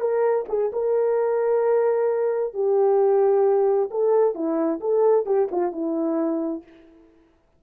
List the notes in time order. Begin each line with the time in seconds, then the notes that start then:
0.00 A#4
0.49 G#4
0.73 A#4
2.54 G4
3.90 A4
4.34 E4
4.80 A4
5.25 G4
5.51 F4
5.72 E4